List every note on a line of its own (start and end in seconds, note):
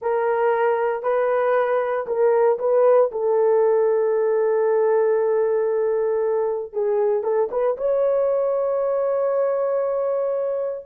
0.01 1.03 A#4
1.03 2.06 B4
2.06 2.58 A#4
2.59 3.10 B4
3.11 6.72 A4
6.72 7.23 G#4
7.23 7.49 A4
7.51 7.77 B4
7.77 10.85 C#5